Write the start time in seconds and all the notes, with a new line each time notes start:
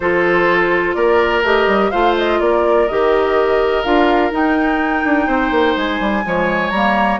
0.00 F3 F4 A4 C5
0.94 A#3 A#4 D5
1.42 A3 G4 D#5
1.67 G3
1.90 A3 F4 C5 F5
2.17 D#5
2.40 A#3 A#4 D5
2.87 D#3 G4 D#5
3.83 D4 F4 F5
4.31 D#4 G5
5.04 D4
5.26 C4 C5
5.50 A#3
5.76 G#3 G#5
6.00 G3
6.24 F3 G#3 C#5
6.69 G3 A#3 A#5